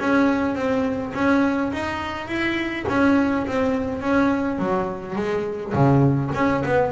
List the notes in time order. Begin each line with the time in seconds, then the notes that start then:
0.00 C#4
0.55 C4
1.14 C#4
1.72 D#4
2.28 E4
2.88 C#4
3.47 C4
4.01 C#4
4.59 F#3
5.16 G#3
5.74 C#3
6.34 C#4
6.65 B3